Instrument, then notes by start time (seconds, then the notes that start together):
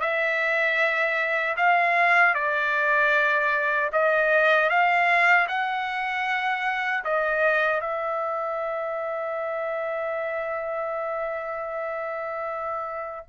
trumpet
0.00 E5
1.57 F5
2.34 D5
3.92 D#5
4.69 F5
5.48 F#5
7.04 D#5
7.81 E5